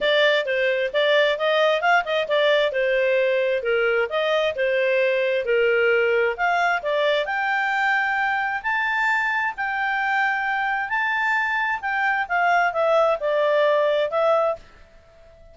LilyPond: \new Staff \with { instrumentName = "clarinet" } { \time 4/4 \tempo 4 = 132 d''4 c''4 d''4 dis''4 | f''8 dis''8 d''4 c''2 | ais'4 dis''4 c''2 | ais'2 f''4 d''4 |
g''2. a''4~ | a''4 g''2. | a''2 g''4 f''4 | e''4 d''2 e''4 | }